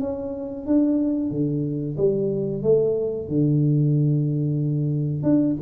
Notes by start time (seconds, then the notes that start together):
0.00 C#4
0.66 D4
1.30 D3
1.97 G3
2.63 A3
3.28 D3
5.23 D4